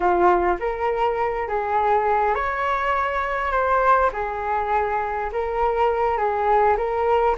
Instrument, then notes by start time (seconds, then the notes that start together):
flute
0.00 F4
0.59 A#4
1.48 G#4
2.34 C#5
3.51 C5
4.12 G#4
5.32 A#4
6.17 G#4
6.77 A#4